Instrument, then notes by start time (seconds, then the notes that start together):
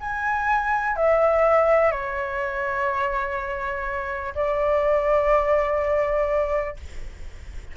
flute
0.00 G#5
0.96 E5
1.91 C#5
4.35 D5